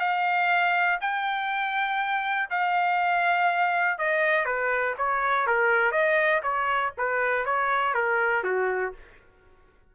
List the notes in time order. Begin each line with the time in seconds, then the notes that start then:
0.00 F5
1.01 G5
2.50 F5
3.99 D#5
4.45 B4
4.98 C#5
5.47 A#4
5.92 D#5
6.43 C#5
6.98 B4
7.45 C#5
7.94 A#4
8.44 F#4